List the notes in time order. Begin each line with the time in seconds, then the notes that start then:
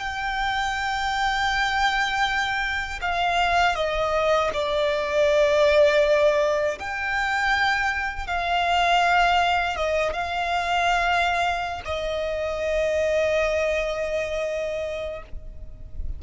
0.00 G5
3.01 F5
3.76 D#5
4.54 D5
6.79 G5
8.27 F5
9.76 D#5
10.13 F5
11.85 D#5